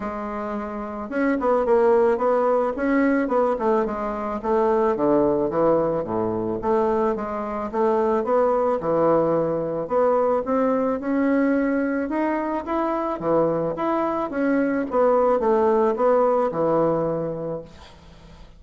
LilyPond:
\new Staff \with { instrumentName = "bassoon" } { \time 4/4 \tempo 4 = 109 gis2 cis'8 b8 ais4 | b4 cis'4 b8 a8 gis4 | a4 d4 e4 a,4 | a4 gis4 a4 b4 |
e2 b4 c'4 | cis'2 dis'4 e'4 | e4 e'4 cis'4 b4 | a4 b4 e2 | }